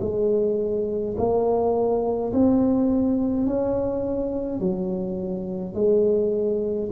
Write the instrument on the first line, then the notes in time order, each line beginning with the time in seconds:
tuba
0.00 G#3
1.17 A#3
2.33 C4
3.46 C#4
4.59 F#3
5.74 G#3